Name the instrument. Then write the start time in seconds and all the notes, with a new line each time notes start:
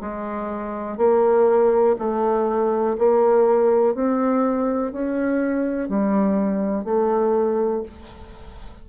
bassoon
0.00 G#3
0.97 A#3
1.99 A3
2.98 A#3
3.94 C4
4.92 C#4
5.88 G3
6.84 A3